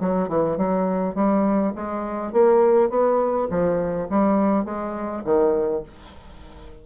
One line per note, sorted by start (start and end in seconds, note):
0.00 0.28 F#3
0.28 0.57 E3
0.57 1.15 F#3
1.15 1.73 G3
1.75 2.32 G#3
2.32 2.90 A#3
2.90 3.48 B3
3.50 4.08 F3
4.09 4.65 G3
4.65 5.23 G#3
5.25 5.83 D#3